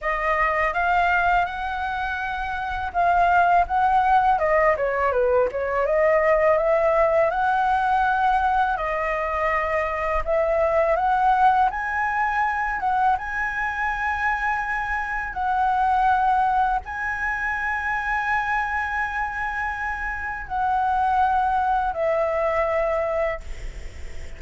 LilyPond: \new Staff \with { instrumentName = "flute" } { \time 4/4 \tempo 4 = 82 dis''4 f''4 fis''2 | f''4 fis''4 dis''8 cis''8 b'8 cis''8 | dis''4 e''4 fis''2 | dis''2 e''4 fis''4 |
gis''4. fis''8 gis''2~ | gis''4 fis''2 gis''4~ | gis''1 | fis''2 e''2 | }